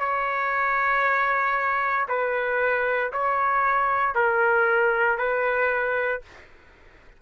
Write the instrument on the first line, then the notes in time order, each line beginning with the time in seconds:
trumpet
0.00 C#5
2.09 B4
3.13 C#5
4.15 A#4
5.19 B4